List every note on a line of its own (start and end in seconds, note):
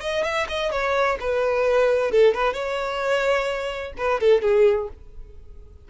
0.00 0.23 D#5
0.23 0.46 E5
0.48 0.71 D#5
0.71 1.17 C#5
1.20 2.11 B4
2.11 2.34 A4
2.34 2.53 B4
2.53 3.92 C#5
3.97 4.20 B4
4.20 4.41 A4
4.41 4.88 G#4